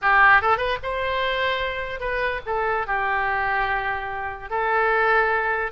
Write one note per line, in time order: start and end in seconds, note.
0.01 0.41 G4
0.41 0.57 A4
0.57 0.77 B4
0.82 1.99 C5
1.99 2.40 B4
2.45 2.86 A4
2.86 4.50 G4
4.50 5.71 A4